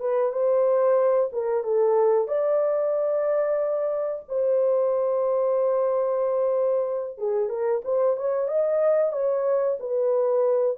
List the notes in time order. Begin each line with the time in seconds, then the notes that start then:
0.00 B4
0.32 C5
1.33 A#4
1.64 A4
2.27 D5
4.28 C5
7.18 G#4
7.49 A#4
7.84 C5
8.16 C#5
8.48 D#5
9.12 C#5
9.79 B4